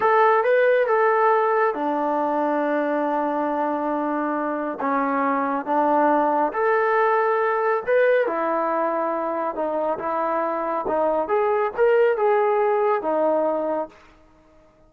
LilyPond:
\new Staff \with { instrumentName = "trombone" } { \time 4/4 \tempo 4 = 138 a'4 b'4 a'2 | d'1~ | d'2. cis'4~ | cis'4 d'2 a'4~ |
a'2 b'4 e'4~ | e'2 dis'4 e'4~ | e'4 dis'4 gis'4 ais'4 | gis'2 dis'2 | }